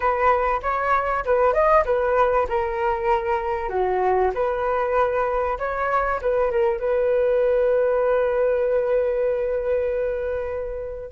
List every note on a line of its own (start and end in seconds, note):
0.00 0.60 B4
0.62 1.24 C#5
1.25 1.53 B4
1.53 1.84 D#5
1.85 2.47 B4
2.48 3.69 A#4
3.69 4.30 F#4
4.34 5.58 B4
5.58 6.20 C#5
6.21 6.51 B4
6.51 6.79 A#4
6.79 11.12 B4